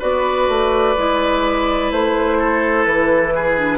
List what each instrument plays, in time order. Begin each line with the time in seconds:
0.00 bassoon B3, clarinet F#4, oboe B4, flute D5
0.48 bassoon A3
0.97 bassoon G#3, clarinet E4
1.91 bassoon A3, flute C5
2.38 oboe A4
2.85 bassoon E3, flute B4
3.35 oboe G#4
3.58 clarinet D4